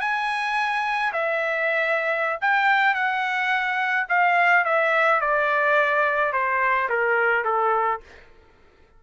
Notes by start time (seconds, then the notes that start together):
0.00 G#5
1.12 E5
2.41 G5
2.94 F#5
4.08 F5
4.64 E5
5.20 D5
6.32 C5
6.89 A#4
7.44 A4